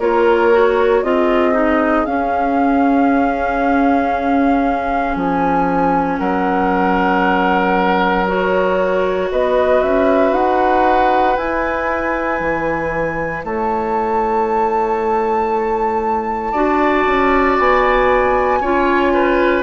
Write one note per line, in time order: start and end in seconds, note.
0.00 1.03 A#3
0.00 0.53 F4
0.00 1.03 A#4
0.00 1.04 C#5
0.53 1.05 F#4
1.03 2.06 C4
1.03 1.54 F4
1.03 6.19 G#4
1.03 2.06 D#5
1.54 2.06 D#4
2.06 5.16 C#4
2.06 8.27 C#4
2.06 5.16 F5
5.16 6.19 F3
5.16 6.19 G#5
6.19 9.30 F#3
6.19 9.30 A#4
6.19 8.26 F#5
8.27 11.37 F#4
8.27 9.31 C#5
9.32 9.83 B3
9.32 13.46 B4
9.32 9.83 D#5
9.83 10.33 C#4
9.83 10.34 E5
10.33 11.36 D#4
10.33 11.37 F#5
11.37 16.54 E4
11.37 12.40 E4
11.37 13.44 G#5
12.40 13.44 E3
13.44 16.54 A3
13.44 16.52 C#5
13.44 17.58 A5
16.52 17.05 D4
16.52 18.62 F#4
16.52 18.59 D5
17.07 17.58 C#4
17.59 18.61 B3
17.59 19.63 G#5
18.61 19.63 C#4
18.61 19.63 F4
18.61 19.13 C#5
19.14 19.63 B4